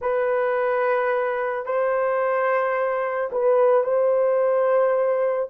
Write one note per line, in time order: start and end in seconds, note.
0.01 1.65 B4
1.65 3.30 C5
3.32 3.83 B4
3.83 5.48 C5